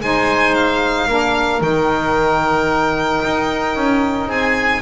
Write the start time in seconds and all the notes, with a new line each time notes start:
0.00 G#3 D#4 C5 G#5
0.54 F5
1.08 A#3 D4 A#4
1.60 D#3 D#4 G5
3.24 D#4
3.75 C#4
4.27 C4 G#4 G#5